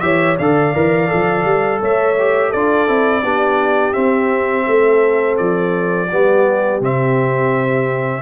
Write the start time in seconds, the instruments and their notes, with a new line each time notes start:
0.00 tuba E3, trombone G4, horn C#5, trumpet E5
0.37 tuba D3, trombone A4, horn D5, trumpet F5
0.74 tuba E3, trombone A#4
1.08 tuba F3, trombone A4
1.44 tuba G3
1.80 tuba A3, horn C#5, trumpet E5
2.19 trombone G4
2.49 tuba D4, horn A4, trumpet D5
2.55 trombone F4
2.87 tuba C4, trombone E4
3.23 tuba B3, trombone D4, horn G4
3.93 trombone C4, tuba C4, trumpet E5
4.67 tuba A3, horn A4
5.37 tuba F3, trumpet D5
6.11 tuba G3, trombone B3, horn G4
6.80 tuba C3, trombone C4, trumpet E5